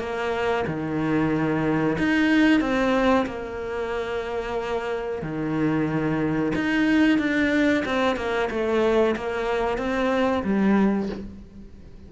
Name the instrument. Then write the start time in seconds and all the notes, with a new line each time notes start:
cello
0.00 A#3
0.67 D#3
1.99 D#4
2.61 C4
3.27 A#3
5.23 D#3
6.55 D#4
7.19 D4
7.86 C4
8.17 A#3
8.50 A3
9.17 A#3
9.78 C4
10.44 G3